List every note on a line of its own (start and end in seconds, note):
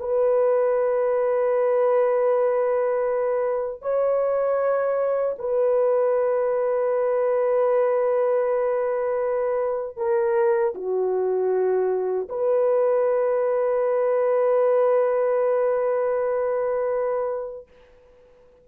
0.00 3.82 B4
3.82 5.36 C#5
5.38 9.97 B4
9.97 10.74 A#4
10.75 12.29 F#4
12.29 17.68 B4